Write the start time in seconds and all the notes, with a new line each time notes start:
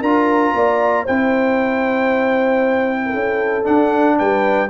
0.00 D4 F4 A#4 A#5
0.53 A#3 D5
1.03 C4 E4 C5 G5
3.05 A4 A#4
3.14 C#4
3.64 D4 F#5
4.18 G3 B4 G5